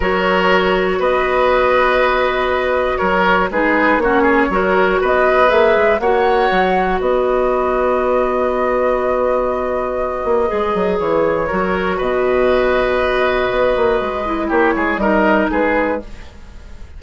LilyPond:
<<
  \new Staff \with { instrumentName = "flute" } { \time 4/4 \tempo 4 = 120 cis''2 dis''2~ | dis''2 cis''4 b'4 | cis''2 dis''4 e''4 | fis''2 dis''2~ |
dis''1~ | dis''2 cis''2 | dis''1~ | dis''4 cis''4 dis''4 b'4 | }
  \new Staff \with { instrumentName = "oboe" } { \time 4/4 ais'2 b'2~ | b'2 ais'4 gis'4 | fis'8 gis'8 ais'4 b'2 | cis''2 b'2~ |
b'1~ | b'2. ais'4 | b'1~ | b'4 g'8 gis'8 ais'4 gis'4 | }
  \new Staff \with { instrumentName = "clarinet" } { \time 4/4 fis'1~ | fis'2. dis'4 | cis'4 fis'2 gis'4 | fis'1~ |
fis'1~ | fis'4 gis'2 fis'4~ | fis'1~ | fis'8 e'4. dis'2 | }
  \new Staff \with { instrumentName = "bassoon" } { \time 4/4 fis2 b2~ | b2 fis4 gis4 | ais4 fis4 b4 ais8 gis8 | ais4 fis4 b2~ |
b1~ | b8 ais8 gis8 fis8 e4 fis4 | b,2. b8 ais8 | gis4 ais8 gis8 g4 gis4 | }
>>